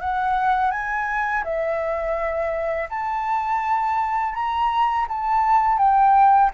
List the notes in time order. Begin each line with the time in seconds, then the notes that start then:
0.00 F#5
0.71 G#5
1.44 E5
2.89 A5
4.33 A#5
5.08 A5
5.78 G5